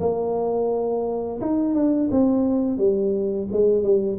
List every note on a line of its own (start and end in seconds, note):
0.00 1.40 A#3
1.41 1.74 D#4
1.74 2.09 D4
2.11 2.78 C4
2.78 3.48 G3
3.52 3.83 G#3
3.83 4.18 G3